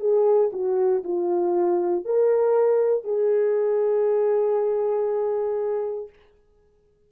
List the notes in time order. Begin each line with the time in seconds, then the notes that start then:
0.00 G#4
0.53 F#4
1.04 F4
2.05 A#4
3.05 G#4